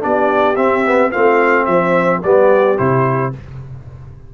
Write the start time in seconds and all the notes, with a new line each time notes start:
0.00 B3 D4 G4 D5
0.56 C4 E5
0.87 B3
1.11 A3 C4 F4 F5
1.65 F3 C5 E5
2.23 G3 B3 G4 D5
2.77 C3 E4 C5